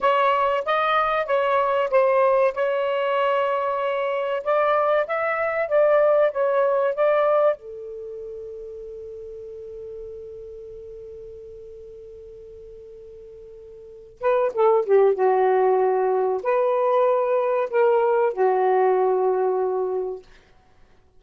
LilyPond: \new Staff \with { instrumentName = "saxophone" } { \time 4/4 \tempo 4 = 95 cis''4 dis''4 cis''4 c''4 | cis''2. d''4 | e''4 d''4 cis''4 d''4 | a'1~ |
a'1~ | a'2~ a'8 b'8 a'8 g'8 | fis'2 b'2 | ais'4 fis'2. | }